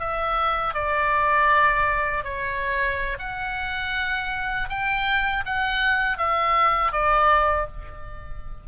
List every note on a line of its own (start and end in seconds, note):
0.00 0.74 E5
0.74 2.24 D5
2.24 3.18 C#5
3.19 4.69 F#5
4.69 5.44 G5
5.46 6.18 F#5
6.18 6.92 E5
6.92 7.67 D5